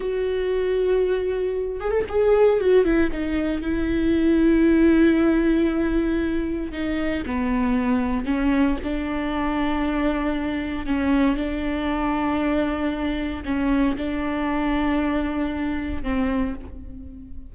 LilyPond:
\new Staff \with { instrumentName = "viola" } { \time 4/4 \tempo 4 = 116 fis'2.~ fis'8 gis'16 a'16 | gis'4 fis'8 e'8 dis'4 e'4~ | e'1~ | e'4 dis'4 b2 |
cis'4 d'2.~ | d'4 cis'4 d'2~ | d'2 cis'4 d'4~ | d'2. c'4 | }